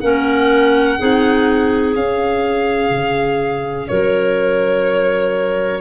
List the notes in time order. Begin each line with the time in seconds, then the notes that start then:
0.00 A#3 C#4 A#4 F#5
0.98 C4 D#4 G#4
1.95 C#4 F5
2.90 C#3
3.88 F#3 A#4 C#5